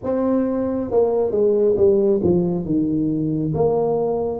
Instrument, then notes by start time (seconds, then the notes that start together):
tuba
0.03 C4
0.91 A#3
1.31 G#3
1.76 G3
2.23 F3
2.65 D#3
3.54 A#3